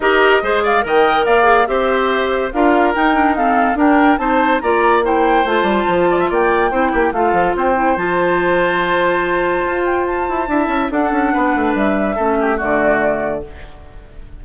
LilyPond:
<<
  \new Staff \with { instrumentName = "flute" } { \time 4/4 \tempo 4 = 143 dis''4. f''8 g''4 f''4 | e''2 f''4 g''4 | f''4 g''4 a''4 ais''4 | g''4 a''2 g''4~ |
g''4 f''4 g''4 a''4~ | a''2.~ a''8 g''8 | a''2 fis''2 | e''2 d''2 | }
  \new Staff \with { instrumentName = "oboe" } { \time 4/4 ais'4 c''8 d''8 dis''4 d''4 | c''2 ais'2 | a'4 ais'4 c''4 d''4 | c''2~ c''8 d''16 e''16 d''4 |
c''8 g'8 a'4 c''2~ | c''1~ | c''4 e''4 a'4 b'4~ | b'4 a'8 g'8 fis'2 | }
  \new Staff \with { instrumentName = "clarinet" } { \time 4/4 g'4 gis'4 ais'4. gis'8 | g'2 f'4 dis'8 d'8 | c'4 d'4 dis'4 f'4 | e'4 f'2. |
e'4 f'4. e'8 f'4~ | f'1~ | f'4 e'4 d'2~ | d'4 cis'4 a2 | }
  \new Staff \with { instrumentName = "bassoon" } { \time 4/4 dis'4 gis4 dis4 ais4 | c'2 d'4 dis'4~ | dis'4 d'4 c'4 ais4~ | ais4 a8 g8 f4 ais4 |
c'8 ais8 a8 f8 c'4 f4~ | f2. f'4~ | f'8 e'8 d'8 cis'8 d'8 cis'8 b8 a8 | g4 a4 d2 | }
>>